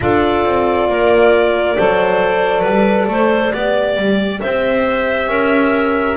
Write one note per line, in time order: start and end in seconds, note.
0.00 0.45 D4
0.00 1.74 F4
0.00 0.89 A4
0.00 4.40 D5
0.45 0.88 C4
0.88 1.76 A#3
0.88 1.76 A#4
1.76 2.63 F#3
1.76 3.54 A4
1.76 2.61 C5
2.61 3.07 G3
2.61 3.05 B4
3.07 3.51 A3
3.07 3.52 C5
3.52 3.96 B3
3.52 6.16 G4
3.52 4.40 D5
3.96 4.40 G3
4.40 5.27 C4
4.40 5.29 C5
4.40 6.16 E5
5.27 6.15 C#4
5.27 6.16 A#4